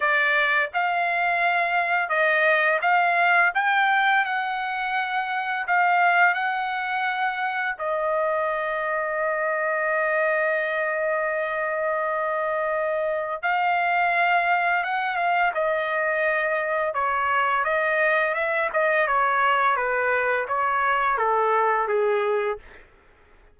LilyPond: \new Staff \with { instrumentName = "trumpet" } { \time 4/4 \tempo 4 = 85 d''4 f''2 dis''4 | f''4 g''4 fis''2 | f''4 fis''2 dis''4~ | dis''1~ |
dis''2. f''4~ | f''4 fis''8 f''8 dis''2 | cis''4 dis''4 e''8 dis''8 cis''4 | b'4 cis''4 a'4 gis'4 | }